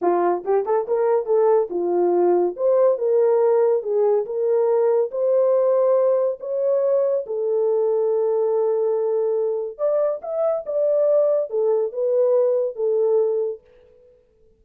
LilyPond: \new Staff \with { instrumentName = "horn" } { \time 4/4 \tempo 4 = 141 f'4 g'8 a'8 ais'4 a'4 | f'2 c''4 ais'4~ | ais'4 gis'4 ais'2 | c''2. cis''4~ |
cis''4 a'2.~ | a'2. d''4 | e''4 d''2 a'4 | b'2 a'2 | }